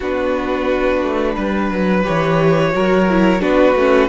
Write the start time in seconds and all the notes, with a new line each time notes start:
0.00 B3 D4 F#4 B4
1.02 A3
1.35 G3 B4
1.70 F#3
2.03 E3 G4 C#5
2.71 F#3 F#4 A#4
3.09 E4
3.40 B3 D4 F#4 B4
3.74 A3 C#4